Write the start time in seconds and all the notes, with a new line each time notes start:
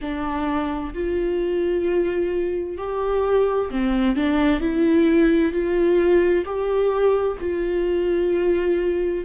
0.01 D4
0.94 F4
2.77 G4
3.70 C4
4.16 D4
4.60 E4
5.52 F4
6.44 G4
7.40 F4